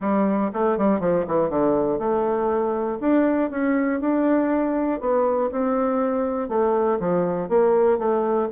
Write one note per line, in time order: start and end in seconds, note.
0.00 0.50 G3
0.53 0.77 A3
0.77 1.00 G3
1.00 1.25 F3
1.27 1.49 E3
1.49 1.98 D3
1.98 2.98 A3
3.00 3.50 D4
3.50 4.00 C#4
4.00 5.00 D4
5.00 5.50 B3
5.51 6.48 C4
6.48 6.98 A3
6.99 7.48 F3
7.48 7.98 A#3
7.98 8.48 A3